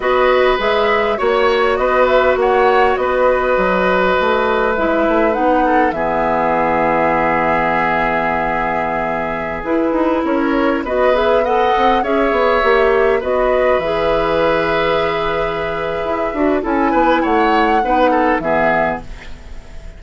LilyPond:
<<
  \new Staff \with { instrumentName = "flute" } { \time 4/4 \tempo 4 = 101 dis''4 e''4 cis''4 dis''8 e''8 | fis''4 dis''2. | e''4 fis''4 e''2~ | e''1~ |
e''16 b'4 cis''4 dis''8 e''8 fis''8.~ | fis''16 e''2 dis''4 e''8.~ | e''1 | gis''4 fis''2 e''4 | }
  \new Staff \with { instrumentName = "oboe" } { \time 4/4 b'2 cis''4 b'4 | cis''4 b'2.~ | b'4. a'8 gis'2~ | gis'1~ |
gis'4~ gis'16 ais'4 b'4 dis''8.~ | dis''16 cis''2 b'4.~ b'16~ | b'1 | a'8 b'8 cis''4 b'8 a'8 gis'4 | }
  \new Staff \with { instrumentName = "clarinet" } { \time 4/4 fis'4 gis'4 fis'2~ | fis'1 | e'4 dis'4 b2~ | b1~ |
b16 e'2 fis'8 gis'8 a'8.~ | a'16 gis'4 g'4 fis'4 gis'8.~ | gis'2.~ gis'8 fis'8 | e'2 dis'4 b4 | }
  \new Staff \with { instrumentName = "bassoon" } { \time 4/4 b4 gis4 ais4 b4 | ais4 b4 fis4 a4 | gis8 a8 b4 e2~ | e1~ |
e16 e'8 dis'8 cis'4 b4. c'16~ | c'16 cis'8 b8 ais4 b4 e8.~ | e2. e'8 d'8 | cis'8 b8 a4 b4 e4 | }
>>